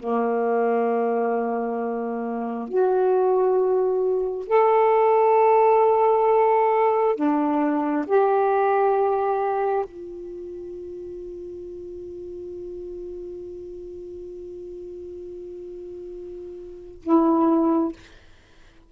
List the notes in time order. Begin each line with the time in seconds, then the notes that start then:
0.00 A#3
2.69 F#4
4.48 A4
7.16 D4
8.07 G4
9.85 F4
17.03 E4